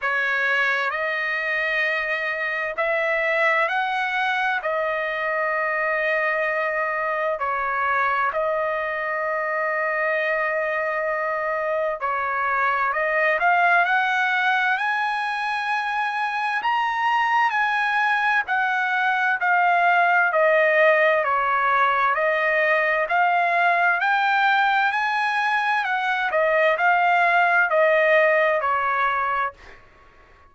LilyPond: \new Staff \with { instrumentName = "trumpet" } { \time 4/4 \tempo 4 = 65 cis''4 dis''2 e''4 | fis''4 dis''2. | cis''4 dis''2.~ | dis''4 cis''4 dis''8 f''8 fis''4 |
gis''2 ais''4 gis''4 | fis''4 f''4 dis''4 cis''4 | dis''4 f''4 g''4 gis''4 | fis''8 dis''8 f''4 dis''4 cis''4 | }